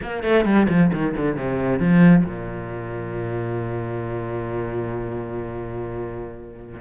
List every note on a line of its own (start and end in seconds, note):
0.01 0.23 A#3
0.23 0.44 A3
0.44 0.67 G3
0.68 0.91 F3
0.92 1.15 D#3
1.16 1.37 D3
1.37 1.79 C3
1.79 2.24 F3
2.25 6.80 A#2